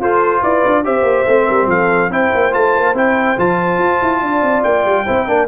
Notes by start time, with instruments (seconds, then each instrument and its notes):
0.00 tuba F4, trombone F4, horn A4, trumpet C5
0.42 tuba E4, horn B4, trumpet D5
0.66 tuba D4
0.84 tuba C4, trombone G4, horn C5, trumpet E5
1.03 tuba A#3
1.28 tuba A3, trombone C4
1.46 tuba G3, horn A#4
1.67 tuba F3, horn A4, trumpet F5
2.10 tuba C4, trombone E4, horn C5, trumpet G5
2.35 tuba A#3
2.52 tuba A3, trombone F4, trumpet A5
2.76 tuba A#3
2.94 tuba C4, trombone E4, trumpet G5
3.38 tuba F3, trombone F4, trumpet A5
3.79 tuba F4
4.02 tuba E4
4.22 tuba D4, horn D5
4.42 tuba C4
4.64 tuba A#3, trumpet G5
4.86 tuba G3
5.06 tuba C4, trombone E4, horn C5
5.27 tuba A#3, trombone D4, horn A#4